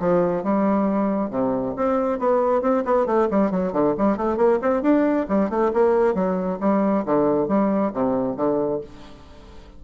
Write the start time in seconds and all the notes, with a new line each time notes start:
0.00 F3
0.44 G3
1.30 C3
1.76 C4
2.19 B3
2.62 C4
2.85 B3
3.06 A3
3.31 G3
3.51 F#3
3.73 D3
3.98 G3
4.17 A3
4.37 A#3
4.62 C4
4.82 D4
5.28 G3
5.50 A3
5.74 A#3
6.14 F#3
6.60 G3
7.05 D3
7.48 G3
7.93 C3
8.36 D3